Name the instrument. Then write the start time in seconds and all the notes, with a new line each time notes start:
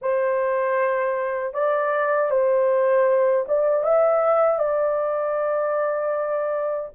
horn
0.01 C5
1.53 D5
2.30 C5
3.48 D5
3.83 E5
4.58 D5